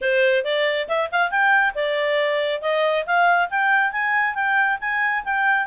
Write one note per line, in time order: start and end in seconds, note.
0.01 0.44 C5
0.44 0.88 D5
0.88 1.10 E5
1.11 1.30 F5
1.30 1.74 G5
1.75 2.61 D5
2.61 3.05 D#5
3.06 3.49 F5
3.49 3.92 G5
3.92 4.35 G#5
4.35 4.78 G5
4.80 5.24 G#5
5.24 5.67 G5